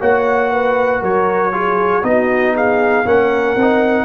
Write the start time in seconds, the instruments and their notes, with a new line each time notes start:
0.00 tuba A#3, trombone F#4, horn C#5, trumpet F#5
0.51 horn B4
1.01 tuba F#3, horn A#4, trumpet C#5
1.53 trombone F4, horn G#4
2.03 tuba B3, trombone D#4, horn F#4, trumpet D#5
2.55 horn G#4, trumpet F5
3.06 tuba A#3, trombone C#4, horn A#4, trumpet F#5
3.56 tuba C4, trombone D#4